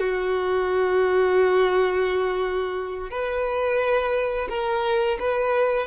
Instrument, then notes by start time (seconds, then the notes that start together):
violin
0.00 F#4
3.11 B4
4.50 A#4
5.20 B4